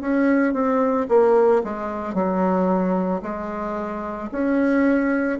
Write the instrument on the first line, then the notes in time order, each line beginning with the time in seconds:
bassoon
0.00 C#4
0.53 C4
1.08 A#3
1.64 G#3
2.14 F#3
3.22 G#3
4.31 C#4